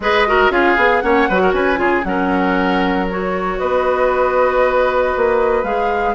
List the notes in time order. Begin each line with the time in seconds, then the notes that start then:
0.00 G#3 G#4 B4 D#5
0.27 F#4 A#4
0.50 C#4 F4 G#4 F5
0.76 B3 G#4
1.00 A#3 C#4 C#5 F#5
1.28 F#3 F#4 B4
1.41 A#4
1.53 C#4 B4 G#5
1.76 C#3 F4 G#4
2.04 F#3 C#4 A#4 F#5
3.10 F#4 C#5
3.58 B3 B4 D#5
5.16 A#3
5.63 G#3 G#4 F5